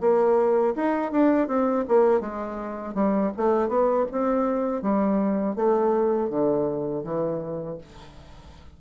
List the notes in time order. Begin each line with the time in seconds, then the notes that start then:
0.00 A#3
0.75 D#4
1.11 D4
1.47 C4
1.88 A#3
2.20 G#3
2.94 G3
3.36 A3
3.68 B3
4.11 C4
4.81 G3
5.56 A3
6.29 D3
7.03 E3